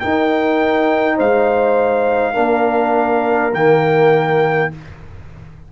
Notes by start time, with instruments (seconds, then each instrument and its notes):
0.00 trombone D#4, tuba D#4, horn A#4, trumpet G5
1.16 tuba G#3, horn C5, trumpet F5
2.34 tuba A#3, trombone D4, horn A#4
3.54 tuba D#3, trombone A#3, trumpet G5